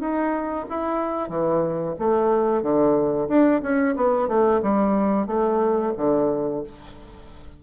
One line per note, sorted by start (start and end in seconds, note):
0.00 0.66 D#4
0.70 1.29 E4
1.29 1.95 E3
1.99 2.63 A3
2.63 3.28 D3
3.28 3.61 D4
3.63 3.96 C#4
3.96 4.28 B3
4.28 4.61 A3
4.62 5.27 G3
5.27 5.93 A3
5.98 6.64 D3